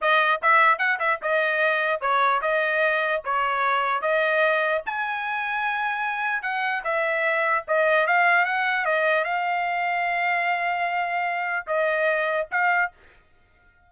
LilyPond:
\new Staff \with { instrumentName = "trumpet" } { \time 4/4 \tempo 4 = 149 dis''4 e''4 fis''8 e''8 dis''4~ | dis''4 cis''4 dis''2 | cis''2 dis''2 | gis''1 |
fis''4 e''2 dis''4 | f''4 fis''4 dis''4 f''4~ | f''1~ | f''4 dis''2 f''4 | }